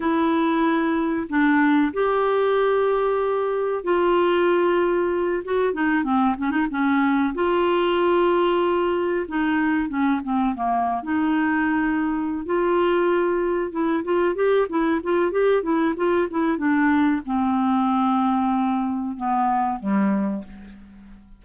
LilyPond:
\new Staff \with { instrumentName = "clarinet" } { \time 4/4 \tempo 4 = 94 e'2 d'4 g'4~ | g'2 f'2~ | f'8 fis'8 dis'8 c'8 cis'16 dis'16 cis'4 f'8~ | f'2~ f'8 dis'4 cis'8 |
c'8 ais8. dis'2~ dis'16 f'8~ | f'4. e'8 f'8 g'8 e'8 f'8 | g'8 e'8 f'8 e'8 d'4 c'4~ | c'2 b4 g4 | }